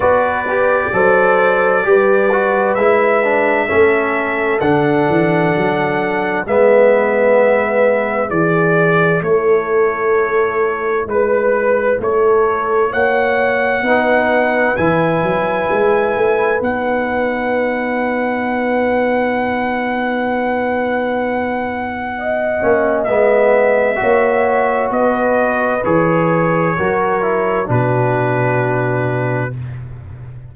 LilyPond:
<<
  \new Staff \with { instrumentName = "trumpet" } { \time 4/4 \tempo 4 = 65 d''2. e''4~ | e''4 fis''2 e''4~ | e''4 d''4 cis''2 | b'4 cis''4 fis''2 |
gis''2 fis''2~ | fis''1~ | fis''4 e''2 dis''4 | cis''2 b'2 | }
  \new Staff \with { instrumentName = "horn" } { \time 4/4 b'4 c''4 b'2 | a'2. b'4~ | b'4 gis'4 a'2 | b'4 a'4 cis''4 b'4~ |
b'1~ | b'1 | dis''2 cis''4 b'4~ | b'4 ais'4 fis'2 | }
  \new Staff \with { instrumentName = "trombone" } { \time 4/4 fis'8 g'8 a'4 g'8 fis'8 e'8 d'8 | cis'4 d'2 b4~ | b4 e'2.~ | e'2. dis'4 |
e'2 dis'2~ | dis'1~ | dis'8 cis'8 b4 fis'2 | gis'4 fis'8 e'8 d'2 | }
  \new Staff \with { instrumentName = "tuba" } { \time 4/4 b4 fis4 g4 gis4 | a4 d8 e8 fis4 gis4~ | gis4 e4 a2 | gis4 a4 ais4 b4 |
e8 fis8 gis8 a8 b2~ | b1~ | b8 ais8 gis4 ais4 b4 | e4 fis4 b,2 | }
>>